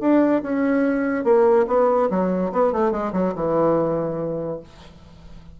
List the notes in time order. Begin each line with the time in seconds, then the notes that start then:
0.00 D4
0.42 C#4
1.24 A#3
1.67 B3
2.10 F#3
2.52 B3
2.72 A3
2.91 G#3
3.12 F#3
3.35 E3